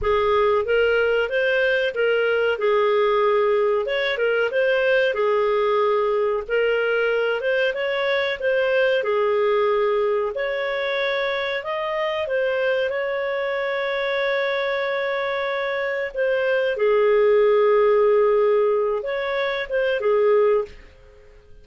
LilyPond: \new Staff \with { instrumentName = "clarinet" } { \time 4/4 \tempo 4 = 93 gis'4 ais'4 c''4 ais'4 | gis'2 cis''8 ais'8 c''4 | gis'2 ais'4. c''8 | cis''4 c''4 gis'2 |
cis''2 dis''4 c''4 | cis''1~ | cis''4 c''4 gis'2~ | gis'4. cis''4 c''8 gis'4 | }